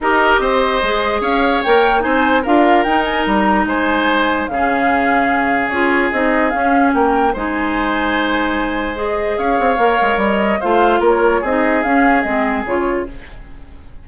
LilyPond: <<
  \new Staff \with { instrumentName = "flute" } { \time 4/4 \tempo 4 = 147 dis''2. f''4 | g''4 gis''4 f''4 g''8 gis''8 | ais''4 gis''2 f''4~ | f''2 cis''4 dis''4 |
f''4 g''4 gis''2~ | gis''2 dis''4 f''4~ | f''4 dis''4 f''4 cis''4 | dis''4 f''4 dis''4 cis''4 | }
  \new Staff \with { instrumentName = "oboe" } { \time 4/4 ais'4 c''2 cis''4~ | cis''4 c''4 ais'2~ | ais'4 c''2 gis'4~ | gis'1~ |
gis'4 ais'4 c''2~ | c''2. cis''4~ | cis''2 c''4 ais'4 | gis'1 | }
  \new Staff \with { instrumentName = "clarinet" } { \time 4/4 g'2 gis'2 | ais'4 dis'4 f'4 dis'4~ | dis'2. cis'4~ | cis'2 f'4 dis'4 |
cis'2 dis'2~ | dis'2 gis'2 | ais'2 f'2 | dis'4 cis'4 c'4 f'4 | }
  \new Staff \with { instrumentName = "bassoon" } { \time 4/4 dis'4 c'4 gis4 cis'4 | ais4 c'4 d'4 dis'4 | g4 gis2 cis4~ | cis2 cis'4 c'4 |
cis'4 ais4 gis2~ | gis2. cis'8 c'8 | ais8 gis8 g4 a4 ais4 | c'4 cis'4 gis4 cis4 | }
>>